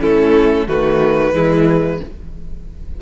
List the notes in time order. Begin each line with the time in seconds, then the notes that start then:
0.00 A3 C#4 E4 A4
0.67 D#3 A3 F#4 B4
1.33 E3 G#3 E4